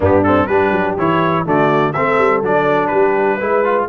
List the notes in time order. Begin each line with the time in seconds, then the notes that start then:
0.00 G2 B3 D4 G4
0.23 C4 A4
0.46 G3 D4 G4 B4
0.71 F#3
0.97 E3 E4 C#5
1.45 D3 A3 F#4 D5
1.92 A3 C4 A4 E5
2.18 G3
2.42 F#3 D4 D5
2.87 G3 G4 B4
3.37 G#3 E4 B4
3.64 F4